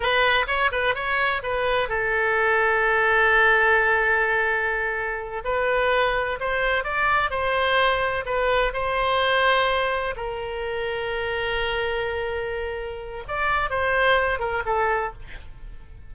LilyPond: \new Staff \with { instrumentName = "oboe" } { \time 4/4 \tempo 4 = 127 b'4 cis''8 b'8 cis''4 b'4 | a'1~ | a'2.~ a'8 b'8~ | b'4. c''4 d''4 c''8~ |
c''4. b'4 c''4.~ | c''4. ais'2~ ais'8~ | ais'1 | d''4 c''4. ais'8 a'4 | }